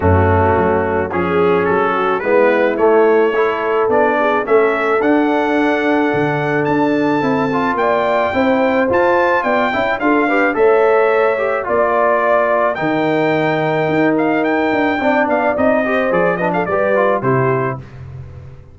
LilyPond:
<<
  \new Staff \with { instrumentName = "trumpet" } { \time 4/4 \tempo 4 = 108 fis'2 gis'4 a'4 | b'4 cis''2 d''4 | e''4 fis''2. | a''2 g''2 |
a''4 g''4 f''4 e''4~ | e''4 d''2 g''4~ | g''4. f''8 g''4. f''8 | dis''4 d''8 dis''16 f''16 d''4 c''4 | }
  \new Staff \with { instrumentName = "horn" } { \time 4/4 cis'2 gis'4. fis'8 | e'2 a'4. gis'8 | a'1~ | a'2 d''4 c''4~ |
c''4 d''8 e''8 a'8 b'8 cis''4~ | cis''4 d''2 ais'4~ | ais'2. d''4~ | d''8 c''4 b'16 a'16 b'4 g'4 | }
  \new Staff \with { instrumentName = "trombone" } { \time 4/4 a2 cis'2 | b4 a4 e'4 d'4 | cis'4 d'2.~ | d'4 e'8 f'4. e'4 |
f'4. e'8 f'8 g'8 a'4~ | a'8 g'8 f'2 dis'4~ | dis'2. d'4 | dis'8 g'8 gis'8 d'8 g'8 f'8 e'4 | }
  \new Staff \with { instrumentName = "tuba" } { \time 4/4 fis,4 fis4 f4 fis4 | gis4 a2 b4 | a4 d'2 d4 | d'4 c'4 ais4 c'4 |
f'4 b8 cis'8 d'4 a4~ | a4 ais2 dis4~ | dis4 dis'4. d'8 c'8 b8 | c'4 f4 g4 c4 | }
>>